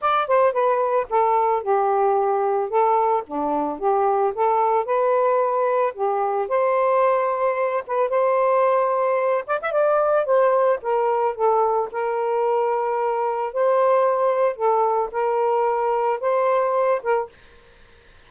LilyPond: \new Staff \with { instrumentName = "saxophone" } { \time 4/4 \tempo 4 = 111 d''8 c''8 b'4 a'4 g'4~ | g'4 a'4 d'4 g'4 | a'4 b'2 g'4 | c''2~ c''8 b'8 c''4~ |
c''4. d''16 e''16 d''4 c''4 | ais'4 a'4 ais'2~ | ais'4 c''2 a'4 | ais'2 c''4. ais'8 | }